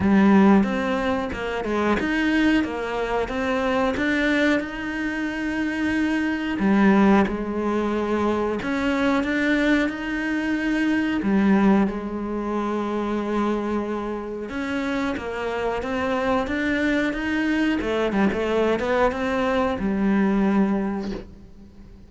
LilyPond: \new Staff \with { instrumentName = "cello" } { \time 4/4 \tempo 4 = 91 g4 c'4 ais8 gis8 dis'4 | ais4 c'4 d'4 dis'4~ | dis'2 g4 gis4~ | gis4 cis'4 d'4 dis'4~ |
dis'4 g4 gis2~ | gis2 cis'4 ais4 | c'4 d'4 dis'4 a8 g16 a16~ | a8 b8 c'4 g2 | }